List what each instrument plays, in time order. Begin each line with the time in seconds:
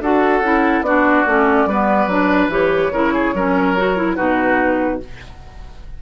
0.00 bassoon D4, clarinet F#4, oboe A4, flute F#5
0.40 bassoon C#4, clarinet E4
0.81 bassoon B3, clarinet D4, oboe F#4, flute D5
1.26 bassoon A3, clarinet C#4
1.66 bassoon G3, clarinet B3, oboe B4
2.06 bassoon F#3, clarinet D4
2.48 bassoon E3, clarinet G4, flute C#5
2.91 bassoon C#3, clarinet E4, oboe A#4
3.13 oboe G#4
3.34 bassoon F#3, clarinet C#4, oboe A#4
3.77 clarinet F#4
3.96 clarinet E4
4.15 bassoon B2, clarinet D#4, oboe F#4, flute B4